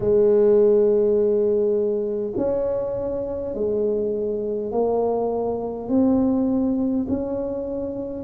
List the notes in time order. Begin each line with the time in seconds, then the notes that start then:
0.00 G#3
2.36 C#4
3.54 G#3
4.71 A#3
5.88 C4
7.08 C#4